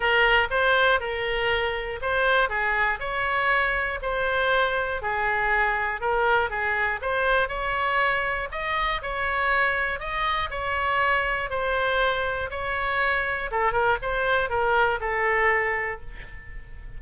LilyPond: \new Staff \with { instrumentName = "oboe" } { \time 4/4 \tempo 4 = 120 ais'4 c''4 ais'2 | c''4 gis'4 cis''2 | c''2 gis'2 | ais'4 gis'4 c''4 cis''4~ |
cis''4 dis''4 cis''2 | dis''4 cis''2 c''4~ | c''4 cis''2 a'8 ais'8 | c''4 ais'4 a'2 | }